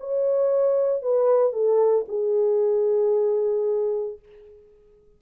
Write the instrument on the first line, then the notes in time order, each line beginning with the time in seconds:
horn
0.00 C#5
1.02 B4
1.53 A4
2.09 G#4